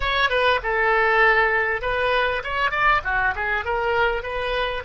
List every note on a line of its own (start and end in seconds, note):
0.00 0.29 C#5
0.29 0.60 B4
0.62 1.81 A4
1.81 2.42 B4
2.43 2.71 C#5
2.71 3.01 D5
3.04 3.34 F#4
3.35 3.64 G#4
3.64 4.23 A#4
4.23 4.83 B4